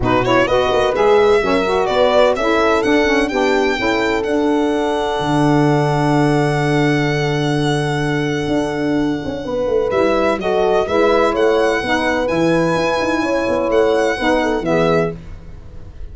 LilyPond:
<<
  \new Staff \with { instrumentName = "violin" } { \time 4/4 \tempo 4 = 127 b'8 cis''8 dis''4 e''2 | d''4 e''4 fis''4 g''4~ | g''4 fis''2.~ | fis''1~ |
fis''1~ | fis''4 e''4 dis''4 e''4 | fis''2 gis''2~ | gis''4 fis''2 e''4 | }
  \new Staff \with { instrumentName = "horn" } { \time 4/4 fis'4 b'2 ais'4 | b'4 a'2 g'4 | a'1~ | a'1~ |
a'1 | b'2 a'4 b'4 | cis''4 b'2. | cis''2 b'8 a'8 gis'4 | }
  \new Staff \with { instrumentName = "saxophone" } { \time 4/4 dis'8 e'8 fis'4 gis'4 cis'8 fis'8~ | fis'4 e'4 d'8 cis'8 d'4 | e'4 d'2.~ | d'1~ |
d'1~ | d'4 e'4 fis'4 e'4~ | e'4 dis'4 e'2~ | e'2 dis'4 b4 | }
  \new Staff \with { instrumentName = "tuba" } { \time 4/4 b,4 b8 ais8 gis4 fis4 | b4 cis'4 d'4 b4 | cis'4 d'2 d4~ | d1~ |
d2 d'4. cis'8 | b8 a8 g4 fis4 gis4 | a4 b4 e4 e'8 dis'8 | cis'8 b8 a4 b4 e4 | }
>>